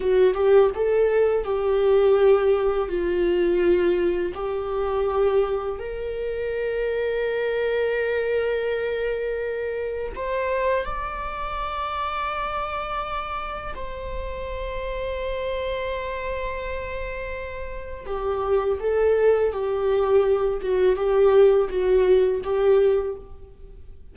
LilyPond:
\new Staff \with { instrumentName = "viola" } { \time 4/4 \tempo 4 = 83 fis'8 g'8 a'4 g'2 | f'2 g'2 | ais'1~ | ais'2 c''4 d''4~ |
d''2. c''4~ | c''1~ | c''4 g'4 a'4 g'4~ | g'8 fis'8 g'4 fis'4 g'4 | }